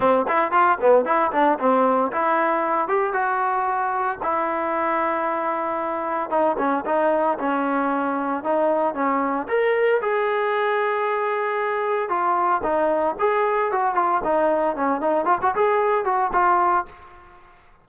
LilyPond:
\new Staff \with { instrumentName = "trombone" } { \time 4/4 \tempo 4 = 114 c'8 e'8 f'8 b8 e'8 d'8 c'4 | e'4. g'8 fis'2 | e'1 | dis'8 cis'8 dis'4 cis'2 |
dis'4 cis'4 ais'4 gis'4~ | gis'2. f'4 | dis'4 gis'4 fis'8 f'8 dis'4 | cis'8 dis'8 f'16 fis'16 gis'4 fis'8 f'4 | }